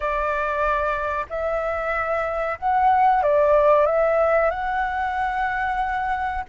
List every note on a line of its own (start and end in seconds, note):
0.00 1.26 D5
1.29 2.58 E5
2.58 3.23 F#5
3.23 3.85 D5
3.85 4.50 E5
4.50 6.43 F#5